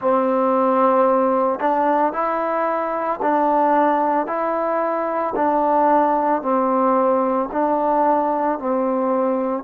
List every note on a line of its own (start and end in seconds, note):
0.00 1.59 C4
1.59 2.12 D4
2.12 3.19 E4
3.21 4.27 D4
4.27 5.34 E4
5.35 6.41 D4
6.41 7.49 C4
7.51 8.58 D4
8.58 9.63 C4